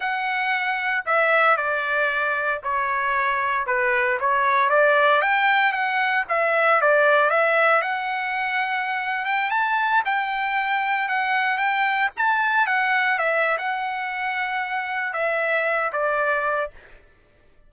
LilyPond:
\new Staff \with { instrumentName = "trumpet" } { \time 4/4 \tempo 4 = 115 fis''2 e''4 d''4~ | d''4 cis''2 b'4 | cis''4 d''4 g''4 fis''4 | e''4 d''4 e''4 fis''4~ |
fis''4.~ fis''16 g''8 a''4 g''8.~ | g''4~ g''16 fis''4 g''4 a''8.~ | a''16 fis''4 e''8. fis''2~ | fis''4 e''4. d''4. | }